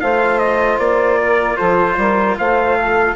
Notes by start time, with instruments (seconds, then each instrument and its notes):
0.00 bassoon A3, cello F4, saxophone C5, trumpet F5
0.38 trumpet D#5
0.78 bassoon A#3, trumpet D5
1.20 saxophone A#4
1.56 bassoon F3, saxophone A4, trumpet C5
1.97 bassoon G3, saxophone A#4
2.38 bassoon A3, saxophone C5, trumpet F5
2.77 saxophone A4